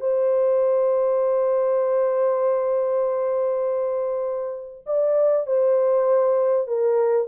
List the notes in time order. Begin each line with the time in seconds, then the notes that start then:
0.00 C5
4.86 D5
5.46 C5
6.67 A#4